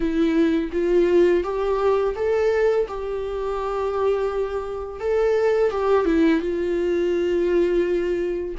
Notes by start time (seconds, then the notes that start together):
0.00 E4
0.72 F4
1.43 G4
2.15 A4
2.88 G4
4.99 A4
5.70 G4
6.05 E4
6.40 F4